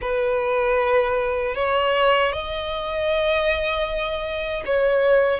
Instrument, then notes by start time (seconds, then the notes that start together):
violin
0.01 B4
1.55 C#5
2.32 D#5
4.65 C#5